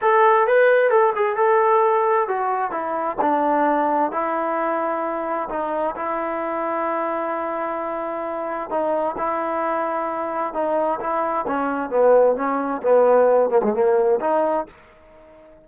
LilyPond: \new Staff \with { instrumentName = "trombone" } { \time 4/4 \tempo 4 = 131 a'4 b'4 a'8 gis'8 a'4~ | a'4 fis'4 e'4 d'4~ | d'4 e'2. | dis'4 e'2.~ |
e'2. dis'4 | e'2. dis'4 | e'4 cis'4 b4 cis'4 | b4. ais16 gis16 ais4 dis'4 | }